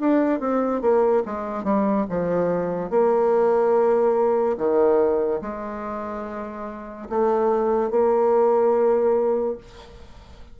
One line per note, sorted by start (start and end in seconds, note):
0.00 0.40 D4
0.40 0.82 C4
0.82 1.23 A#3
1.26 1.64 G#3
1.64 2.06 G3
2.09 2.91 F3
2.91 4.57 A#3
4.58 5.41 D#3
5.42 7.08 G#3
7.10 7.91 A3
7.91 9.58 A#3